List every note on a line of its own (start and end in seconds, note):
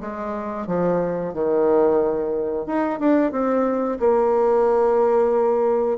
0.00 0.66 G#3
0.66 1.33 F3
1.33 2.66 D#3
2.66 2.99 D#4
2.99 3.32 D4
3.32 3.98 C4
3.99 5.98 A#3